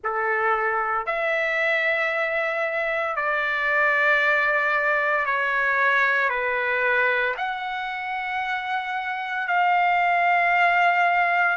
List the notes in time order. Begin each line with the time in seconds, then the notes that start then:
0.03 A4
1.06 E5
3.16 D5
5.25 C#5
6.29 B4
7.37 F#5
9.47 F5